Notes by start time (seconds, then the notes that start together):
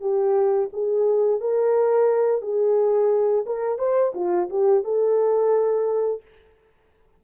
0.00 G4
0.73 G#4
1.40 A#4
2.41 G#4
3.46 A#4
3.78 C5
4.14 F4
4.50 G4
4.84 A4